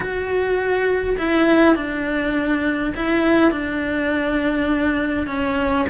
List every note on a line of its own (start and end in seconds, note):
0.00 1.16 F#4
1.18 1.75 E4
1.75 2.93 D4
2.95 3.51 E4
3.51 5.26 D4
5.26 5.85 C#4